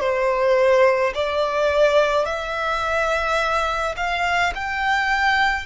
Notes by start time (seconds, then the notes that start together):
0.00 C5
1.14 D5
2.25 E5
3.97 F5
4.55 G5